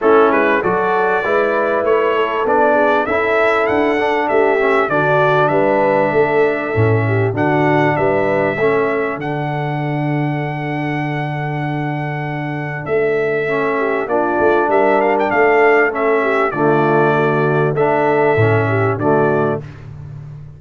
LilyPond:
<<
  \new Staff \with { instrumentName = "trumpet" } { \time 4/4 \tempo 4 = 98 a'8 b'8 d''2 cis''4 | d''4 e''4 fis''4 e''4 | d''4 e''2. | fis''4 e''2 fis''4~ |
fis''1~ | fis''4 e''2 d''4 | e''8 f''16 g''16 f''4 e''4 d''4~ | d''4 e''2 d''4 | }
  \new Staff \with { instrumentName = "horn" } { \time 4/4 e'4 a'4 b'4. a'8~ | a'8 gis'8 a'2 g'4 | fis'4 b'4 a'4. g'8 | fis'4 b'4 a'2~ |
a'1~ | a'2~ a'8 g'8 f'4 | ais'4 a'4. g'8 f'4 | fis'4 a'4. g'8 fis'4 | }
  \new Staff \with { instrumentName = "trombone" } { \time 4/4 cis'4 fis'4 e'2 | d'4 e'4. d'4 cis'8 | d'2. cis'4 | d'2 cis'4 d'4~ |
d'1~ | d'2 cis'4 d'4~ | d'2 cis'4 a4~ | a4 d'4 cis'4 a4 | }
  \new Staff \with { instrumentName = "tuba" } { \time 4/4 a8 gis8 fis4 gis4 a4 | b4 cis'4 d'4 a4 | d4 g4 a4 a,4 | d4 g4 a4 d4~ |
d1~ | d4 a2 ais8 a8 | g4 a2 d4~ | d4 a4 a,4 d4 | }
>>